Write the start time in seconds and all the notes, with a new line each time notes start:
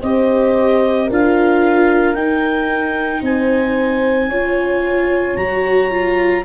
0.00 C4 G4 C5 D#5
1.06 D4 F4 A#4
1.12 F5
2.14 D#4 G5
3.22 C4 C5 G#5
4.29 C#4 F4 C#5
5.36 F#3 F#4 A#5
5.90 F4